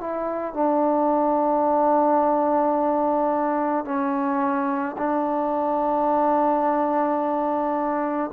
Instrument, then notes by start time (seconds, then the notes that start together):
trombone
0.00 E4
0.54 D4
3.84 C#4
4.97 D4